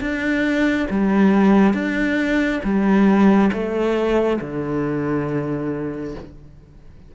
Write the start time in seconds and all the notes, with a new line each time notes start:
0.00 D4
0.90 G3
1.74 D4
2.63 G3
3.52 A3
4.41 D3